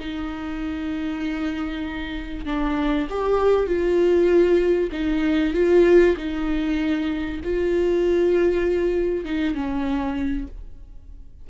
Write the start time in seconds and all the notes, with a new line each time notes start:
0.00 D#4
2.46 D4
3.10 G4
3.67 F4
4.93 D#4
5.54 F4
6.18 D#4
7.44 F4
9.26 D#4
9.55 C#4